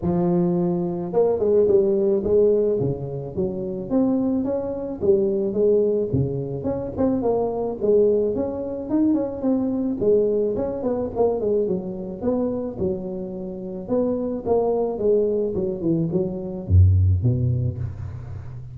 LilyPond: \new Staff \with { instrumentName = "tuba" } { \time 4/4 \tempo 4 = 108 f2 ais8 gis8 g4 | gis4 cis4 fis4 c'4 | cis'4 g4 gis4 cis4 | cis'8 c'8 ais4 gis4 cis'4 |
dis'8 cis'8 c'4 gis4 cis'8 b8 | ais8 gis8 fis4 b4 fis4~ | fis4 b4 ais4 gis4 | fis8 e8 fis4 fis,4 b,4 | }